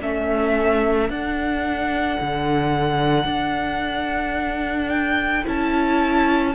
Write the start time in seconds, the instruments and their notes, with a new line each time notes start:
0.00 cello A3, viola C#4, violin A4 E5
1.10 cello D4, viola D4, violin F#5
2.20 cello D3
3.25 cello D4
4.89 violin G5
5.44 cello C#4, viola E4, violin A5